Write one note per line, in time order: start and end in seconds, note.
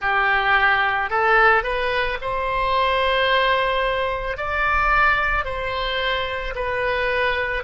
0.01 1.10 G4
1.10 1.63 A4
1.63 2.18 B4
2.21 4.37 C5
4.37 5.44 D5
5.44 6.54 C5
6.55 7.63 B4